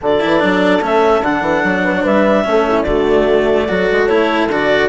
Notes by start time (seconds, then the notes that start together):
0.01 D3 F#4 A4 D5
0.19 E3 E4
0.39 F#3 D4
0.81 A3 C#4 E5
1.21 D3 D4 F#5
1.41 E3
1.63 F#3
1.84 B4
1.95 C#5
2.03 G3 B4 E5
2.44 A3 C#4 A4
2.68 E4
2.81 D3 F#4 D5
2.88 A3
3.68 F#3 F#4 A4
3.91 G#3
4.07 A3 E4 C#5
4.49 D3 F#4 D5